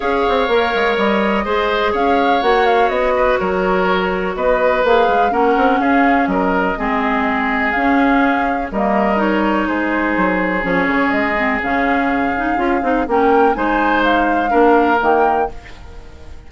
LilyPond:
<<
  \new Staff \with { instrumentName = "flute" } { \time 4/4 \tempo 4 = 124 f''2 dis''2 | f''4 fis''8 f''8 dis''4 cis''4~ | cis''4 dis''4 f''4 fis''4 | f''4 dis''2. |
f''2 dis''4 cis''4 | c''2 cis''4 dis''4 | f''2. g''4 | gis''4 f''2 g''4 | }
  \new Staff \with { instrumentName = "oboe" } { \time 4/4 cis''2. c''4 | cis''2~ cis''8 b'8 ais'4~ | ais'4 b'2 ais'4 | gis'4 ais'4 gis'2~ |
gis'2 ais'2 | gis'1~ | gis'2. ais'4 | c''2 ais'2 | }
  \new Staff \with { instrumentName = "clarinet" } { \time 4/4 gis'4 ais'2 gis'4~ | gis'4 fis'2.~ | fis'2 gis'4 cis'4~ | cis'2 c'2 |
cis'2 ais4 dis'4~ | dis'2 cis'4. c'8 | cis'4. dis'8 f'8 dis'8 cis'4 | dis'2 d'4 ais4 | }
  \new Staff \with { instrumentName = "bassoon" } { \time 4/4 cis'8 c'8 ais8 gis8 g4 gis4 | cis'4 ais4 b4 fis4~ | fis4 b4 ais8 gis8 ais8 c'8 | cis'4 fis4 gis2 |
cis'2 g2 | gis4 fis4 f8 cis8 gis4 | cis2 cis'8 c'8 ais4 | gis2 ais4 dis4 | }
>>